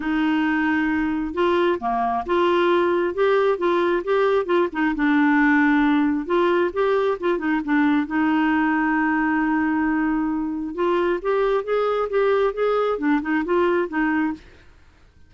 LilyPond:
\new Staff \with { instrumentName = "clarinet" } { \time 4/4 \tempo 4 = 134 dis'2. f'4 | ais4 f'2 g'4 | f'4 g'4 f'8 dis'8 d'4~ | d'2 f'4 g'4 |
f'8 dis'8 d'4 dis'2~ | dis'1 | f'4 g'4 gis'4 g'4 | gis'4 d'8 dis'8 f'4 dis'4 | }